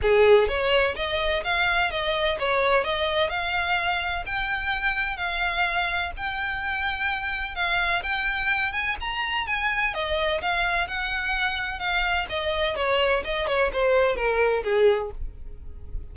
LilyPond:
\new Staff \with { instrumentName = "violin" } { \time 4/4 \tempo 4 = 127 gis'4 cis''4 dis''4 f''4 | dis''4 cis''4 dis''4 f''4~ | f''4 g''2 f''4~ | f''4 g''2. |
f''4 g''4. gis''8 ais''4 | gis''4 dis''4 f''4 fis''4~ | fis''4 f''4 dis''4 cis''4 | dis''8 cis''8 c''4 ais'4 gis'4 | }